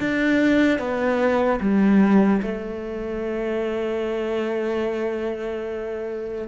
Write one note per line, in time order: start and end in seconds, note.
0.00 0.79 D4
0.79 1.60 B3
1.60 2.41 G3
2.42 6.48 A3